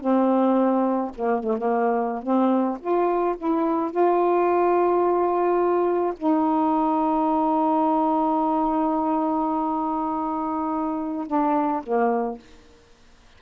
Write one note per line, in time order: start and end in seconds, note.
0.00 1.11 C4
1.15 1.43 A#3
1.43 1.57 A3
1.57 2.22 A#3
2.22 2.78 C4
2.80 3.35 F4
3.37 3.91 E4
3.91 6.13 F4
6.17 11.27 D#4
11.27 11.82 D4
11.83 12.38 A#3